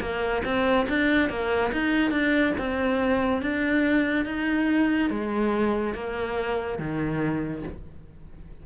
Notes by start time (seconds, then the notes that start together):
0.00 A#3
0.44 C4
0.88 D4
1.29 A#3
1.72 D#4
2.10 D4
2.58 C4
3.41 D4
4.25 D#4
5.10 G#3
5.94 A#3
6.78 D#3